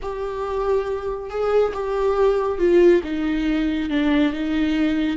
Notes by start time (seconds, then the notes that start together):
0.02 G4
1.29 G#4
1.73 G4
2.58 F4
3.03 D#4
3.89 D4
4.33 D#4